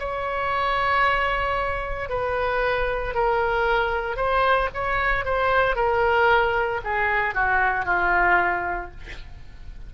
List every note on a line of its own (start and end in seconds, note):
0.00 2.10 C#5
2.10 3.15 B4
3.15 4.17 A#4
4.17 4.69 C5
4.75 5.25 C#5
5.25 5.76 C5
5.76 6.81 A#4
6.84 7.35 G#4
7.35 7.86 F#4
7.86 8.91 F4